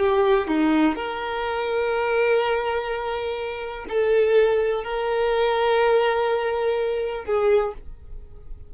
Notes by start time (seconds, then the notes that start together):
0.00 G4
0.48 D#4
0.96 A#4
3.89 A4
4.84 A#4
7.25 G#4